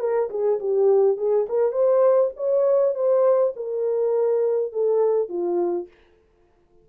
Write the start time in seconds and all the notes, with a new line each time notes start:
0.00 A#4
0.30 G#4
0.60 G4
1.17 G#4
1.49 A#4
1.72 C5
2.37 C#5
2.95 C5
3.56 A#4
4.73 A4
5.29 F4